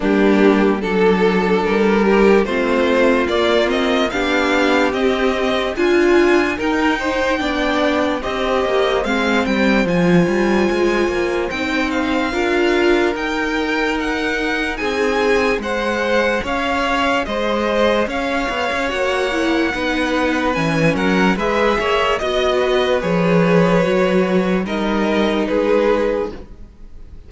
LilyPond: <<
  \new Staff \with { instrumentName = "violin" } { \time 4/4 \tempo 4 = 73 g'4 a'4 ais'4 c''4 | d''8 dis''8 f''4 dis''4 gis''4 | g''2 dis''4 f''8 g''8 | gis''2 g''8 f''4. |
g''4 fis''4 gis''4 fis''4 | f''4 dis''4 f''4 fis''4~ | fis''4 gis''8 fis''8 e''4 dis''4 | cis''2 dis''4 b'4 | }
  \new Staff \with { instrumentName = "violin" } { \time 4/4 d'4 a'4. g'8 f'4~ | f'4 g'2 f'4 | ais'8 c''8 d''4 c''2~ | c''2. ais'4~ |
ais'2 gis'4 c''4 | cis''4 c''4 cis''2 | b'4. ais'8 b'8 cis''8 dis''8 b'8~ | b'2 ais'4 gis'4 | }
  \new Staff \with { instrumentName = "viola" } { \time 4/4 ais4 d'2 c'4 | ais8 c'8 d'4 c'4 f'4 | dis'4 d'4 g'4 c'4 | f'2 dis'4 f'4 |
dis'2. gis'4~ | gis'2. fis'8 e'8 | dis'4 cis'4 gis'4 fis'4 | gis'4 fis'4 dis'2 | }
  \new Staff \with { instrumentName = "cello" } { \time 4/4 g4 fis4 g4 a4 | ais4 b4 c'4 d'4 | dis'4 b4 c'8 ais8 gis8 g8 | f8 g8 gis8 ais8 c'4 d'4 |
dis'2 c'4 gis4 | cis'4 gis4 cis'8 b16 cis'16 ais4 | b4 e8 fis8 gis8 ais8 b4 | f4 fis4 g4 gis4 | }
>>